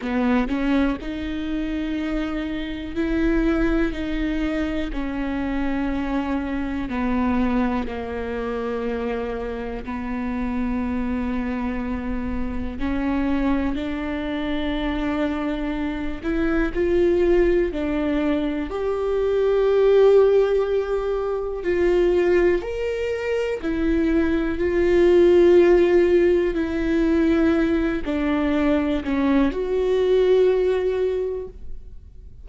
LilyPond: \new Staff \with { instrumentName = "viola" } { \time 4/4 \tempo 4 = 61 b8 cis'8 dis'2 e'4 | dis'4 cis'2 b4 | ais2 b2~ | b4 cis'4 d'2~ |
d'8 e'8 f'4 d'4 g'4~ | g'2 f'4 ais'4 | e'4 f'2 e'4~ | e'8 d'4 cis'8 fis'2 | }